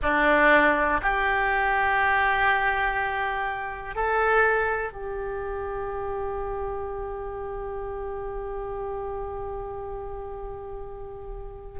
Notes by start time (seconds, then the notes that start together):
0.02 D4
1.01 G4
3.95 A4
4.92 G4